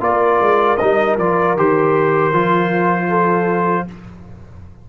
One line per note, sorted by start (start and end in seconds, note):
0.00 0.39 A#3
0.00 0.77 F4
0.00 3.08 A#4
0.00 0.77 D5
0.40 0.79 G#3
0.77 1.18 G3
0.77 1.19 D#4
0.77 1.15 D#5
1.18 1.56 F3
1.18 1.57 F4
1.18 1.57 D5
1.56 2.33 D#3
1.56 2.33 G4
1.56 3.89 C5
2.33 3.86 F3
2.33 3.87 F4
3.08 3.85 A4